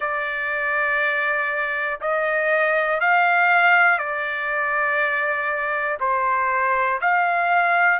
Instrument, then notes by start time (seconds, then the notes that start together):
trumpet
0.00 D5
2.00 D#5
3.00 F5
3.98 D5
6.00 C5
7.00 F5